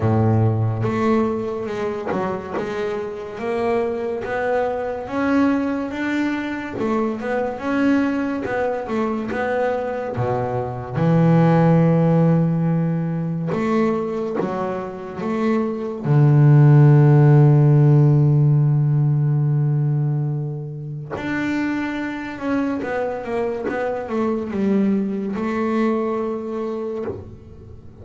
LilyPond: \new Staff \with { instrumentName = "double bass" } { \time 4/4 \tempo 4 = 71 a,4 a4 gis8 fis8 gis4 | ais4 b4 cis'4 d'4 | a8 b8 cis'4 b8 a8 b4 | b,4 e2. |
a4 fis4 a4 d4~ | d1~ | d4 d'4. cis'8 b8 ais8 | b8 a8 g4 a2 | }